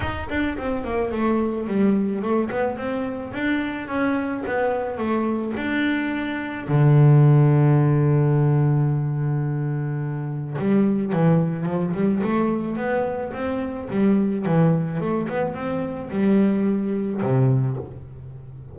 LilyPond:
\new Staff \with { instrumentName = "double bass" } { \time 4/4 \tempo 4 = 108 dis'8 d'8 c'8 ais8 a4 g4 | a8 b8 c'4 d'4 cis'4 | b4 a4 d'2 | d1~ |
d2. g4 | e4 f8 g8 a4 b4 | c'4 g4 e4 a8 b8 | c'4 g2 c4 | }